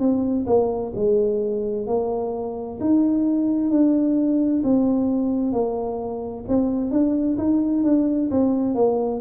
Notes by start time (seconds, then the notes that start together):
0.00 C4
0.47 A#3
0.96 G#3
1.87 A#3
2.81 D#4
3.70 D4
4.64 C4
5.53 A#3
6.49 C4
6.91 D4
7.38 D#4
7.84 D4
8.31 C4
8.75 A#3